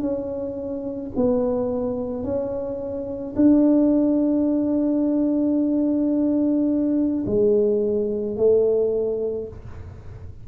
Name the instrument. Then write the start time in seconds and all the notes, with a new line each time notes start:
tuba
0.00 C#4
1.16 B3
2.24 C#4
3.36 D4
7.26 G#3
8.37 A3